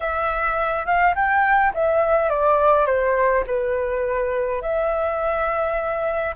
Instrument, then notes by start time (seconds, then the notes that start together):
flute
0.00 E5
0.85 F5
1.15 G5
1.74 E5
2.29 D5
2.86 C5
3.46 B4
4.61 E5